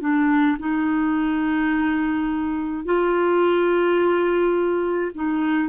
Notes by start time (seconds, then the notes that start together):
0.00 D4
0.59 D#4
2.85 F4
5.14 D#4